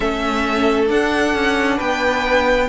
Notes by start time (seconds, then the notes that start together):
0.00 A3 C#4 A4 E5
0.86 D4 F#5
1.34 C#4
1.77 B3 B4 G5